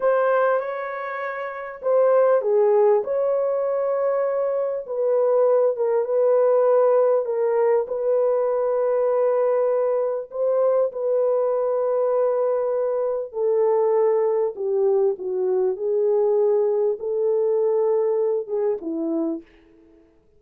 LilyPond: \new Staff \with { instrumentName = "horn" } { \time 4/4 \tempo 4 = 99 c''4 cis''2 c''4 | gis'4 cis''2. | b'4. ais'8 b'2 | ais'4 b'2.~ |
b'4 c''4 b'2~ | b'2 a'2 | g'4 fis'4 gis'2 | a'2~ a'8 gis'8 e'4 | }